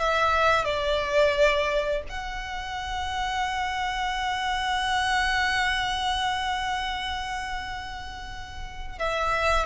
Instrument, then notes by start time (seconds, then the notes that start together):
violin
0.00 E5
0.65 D5
2.09 F#5
8.99 E5